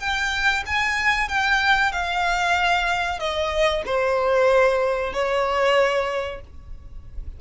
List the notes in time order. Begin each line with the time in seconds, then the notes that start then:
0.00 G5
0.67 G#5
1.29 G5
1.93 F5
3.20 D#5
3.86 C5
5.14 C#5